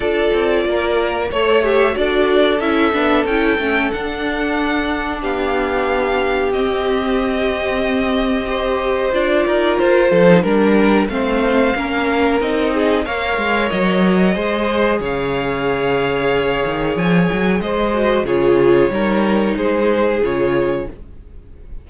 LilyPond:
<<
  \new Staff \with { instrumentName = "violin" } { \time 4/4 \tempo 4 = 92 d''2 cis''4 d''4 | e''4 g''4 fis''2 | f''2 dis''2~ | dis''2 d''4 c''4 |
ais'4 f''2 dis''4 | f''4 dis''2 f''4~ | f''2 gis''4 dis''4 | cis''2 c''4 cis''4 | }
  \new Staff \with { instrumentName = "violin" } { \time 4/4 a'4 ais'4 cis''8 e''8 a'4~ | a'1 | g'1~ | g'4 c''4. ais'4 a'8 |
ais'4 c''4 ais'4. gis'8 | cis''2 c''4 cis''4~ | cis''2. c''4 | gis'4 ais'4 gis'2 | }
  \new Staff \with { instrumentName = "viola" } { \time 4/4 f'2 a'8 g'8 fis'4 | e'8 d'8 e'8 cis'8 d'2~ | d'2 c'2~ | c'4 g'4 f'4.~ f'16 dis'16 |
d'4 c'4 cis'4 dis'4 | ais'2 gis'2~ | gis'2.~ gis'8 fis'8 | f'4 dis'2 f'4 | }
  \new Staff \with { instrumentName = "cello" } { \time 4/4 d'8 c'8 ais4 a4 d'4 | cis'8 b8 cis'8 a8 d'2 | b2 c'2~ | c'2 d'8 dis'8 f'8 f8 |
g4 a4 ais4 c'4 | ais8 gis8 fis4 gis4 cis4~ | cis4. dis8 f8 fis8 gis4 | cis4 g4 gis4 cis4 | }
>>